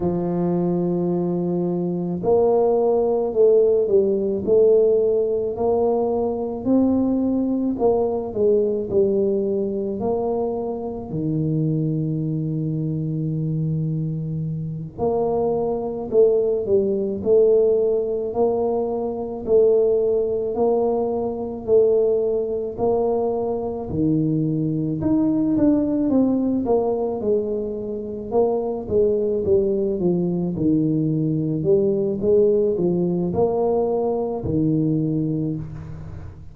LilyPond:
\new Staff \with { instrumentName = "tuba" } { \time 4/4 \tempo 4 = 54 f2 ais4 a8 g8 | a4 ais4 c'4 ais8 gis8 | g4 ais4 dis2~ | dis4. ais4 a8 g8 a8~ |
a8 ais4 a4 ais4 a8~ | a8 ais4 dis4 dis'8 d'8 c'8 | ais8 gis4 ais8 gis8 g8 f8 dis8~ | dis8 g8 gis8 f8 ais4 dis4 | }